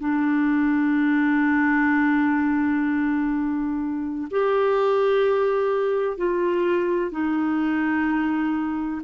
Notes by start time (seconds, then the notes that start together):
0.00 D4
4.31 G4
6.18 F4
7.12 D#4